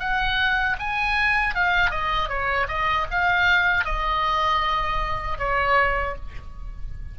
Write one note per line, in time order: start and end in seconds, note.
0.00 0.77 F#5
0.80 1.55 G#5
1.55 1.91 F5
1.91 2.29 D#5
2.29 2.68 C#5
2.69 3.07 D#5
3.11 3.85 F5
3.85 5.39 D#5
5.39 6.16 C#5